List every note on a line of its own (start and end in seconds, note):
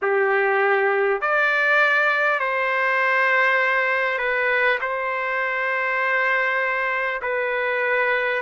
0.02 1.21 G4
1.21 2.39 D5
2.39 4.18 C5
4.18 4.78 B4
4.81 7.21 C5
7.22 8.42 B4